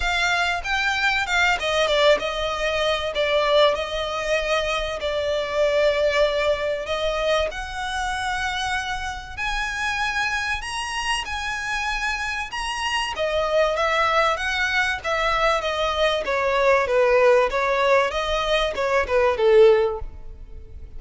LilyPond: \new Staff \with { instrumentName = "violin" } { \time 4/4 \tempo 4 = 96 f''4 g''4 f''8 dis''8 d''8 dis''8~ | dis''4 d''4 dis''2 | d''2. dis''4 | fis''2. gis''4~ |
gis''4 ais''4 gis''2 | ais''4 dis''4 e''4 fis''4 | e''4 dis''4 cis''4 b'4 | cis''4 dis''4 cis''8 b'8 a'4 | }